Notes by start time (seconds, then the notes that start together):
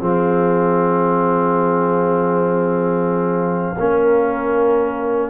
0.00 F3 C4 G#4 F5
3.79 A#3 C#4 A#4